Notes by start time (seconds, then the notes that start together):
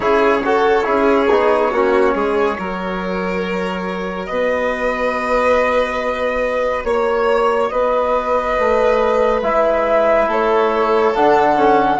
0.00 C#3 E4 G#4 C#5
0.45 F#4 A4
0.83 C#4 E4 G#4
1.29 B3 D#4
1.71 A#3 C#4 F#4
2.14 G#3 G#4
2.57 F#3 F#4 A#4
4.26 B3 B4 D#5
6.84 A#3 C#5
7.68 B3 B4 D#5
8.59 A3
9.42 G#3 E4 E5
10.27 A3 A4 C#5
11.15 D3 D4 F#5
11.56 C#4